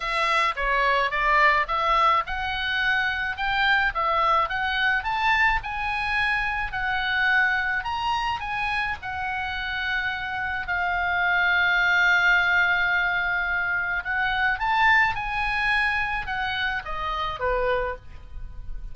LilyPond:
\new Staff \with { instrumentName = "oboe" } { \time 4/4 \tempo 4 = 107 e''4 cis''4 d''4 e''4 | fis''2 g''4 e''4 | fis''4 a''4 gis''2 | fis''2 ais''4 gis''4 |
fis''2. f''4~ | f''1~ | f''4 fis''4 a''4 gis''4~ | gis''4 fis''4 dis''4 b'4 | }